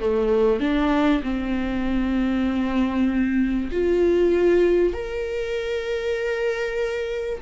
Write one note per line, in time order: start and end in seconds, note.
0.00 0.60 A3
0.60 1.22 D4
1.23 3.70 C4
3.71 4.93 F4
4.93 7.41 A#4